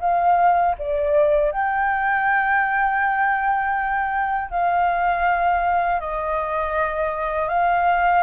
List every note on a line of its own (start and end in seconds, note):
0.00 0.75 F5
0.78 1.51 D5
1.51 4.50 G5
4.50 6.00 F5
6.00 7.48 D#5
7.48 8.23 F5